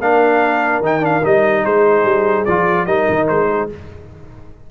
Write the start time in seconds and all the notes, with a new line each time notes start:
0.00 A#3 D4 A#4 F5
0.81 D#3 D#4 G5
1.01 D4 F5
1.24 G3 D#4 D#5
1.65 G#3 G#4 C5
2.04 G3
2.45 F3 F4 D5
2.86 G3 D#4 A#4 D#5
3.10 D#3
3.28 G#3 C5
3.50 G#4